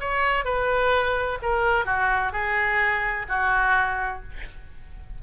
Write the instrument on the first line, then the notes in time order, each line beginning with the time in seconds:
oboe
0.00 C#5
0.45 B4
1.42 A#4
1.85 F#4
2.32 G#4
3.29 F#4